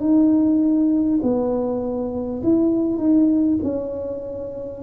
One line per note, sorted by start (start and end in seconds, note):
0.00 1.20 D#4
1.23 2.43 B3
2.43 2.98 E4
2.98 3.58 D#4
3.63 4.83 C#4